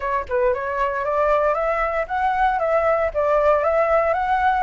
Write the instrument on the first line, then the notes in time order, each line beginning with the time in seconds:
flute
0.00 C#5
0.28 B4
0.54 C#5
1.04 D5
1.54 E5
2.07 F#5
2.59 E5
3.14 D5
3.63 E5
4.13 F#5